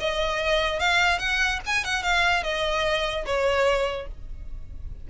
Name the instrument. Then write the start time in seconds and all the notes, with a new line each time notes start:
violin
0.00 D#5
0.80 F5
1.19 F#5
1.66 G#5
1.85 F#5
2.03 F5
2.43 D#5
3.26 C#5